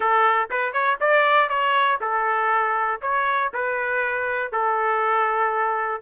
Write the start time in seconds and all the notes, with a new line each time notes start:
0.00 A4
0.50 B4
0.72 C#5
1.00 D5
1.49 C#5
2.00 A4
3.01 C#5
3.53 B4
4.52 A4